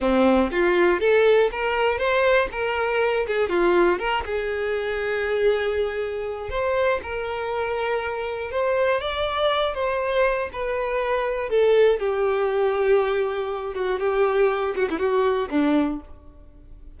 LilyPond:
\new Staff \with { instrumentName = "violin" } { \time 4/4 \tempo 4 = 120 c'4 f'4 a'4 ais'4 | c''4 ais'4. gis'8 f'4 | ais'8 gis'2.~ gis'8~ | gis'4 c''4 ais'2~ |
ais'4 c''4 d''4. c''8~ | c''4 b'2 a'4 | g'2.~ g'8 fis'8 | g'4. fis'16 e'16 fis'4 d'4 | }